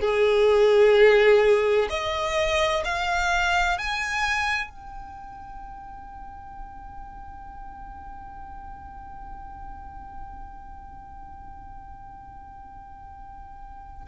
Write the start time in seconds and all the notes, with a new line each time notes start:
0.00 G#4
1.89 D#5
2.84 F5
3.78 G#5
4.70 G5